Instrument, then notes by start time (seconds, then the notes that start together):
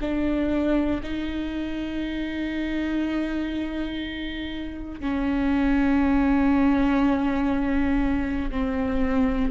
viola
0.00 D4
1.02 D#4
5.00 C#4
8.50 C4